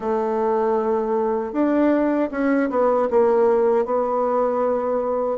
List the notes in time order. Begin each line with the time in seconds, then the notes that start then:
0.00 A3
1.52 D4
2.31 C#4
2.70 B3
3.10 A#3
3.85 B3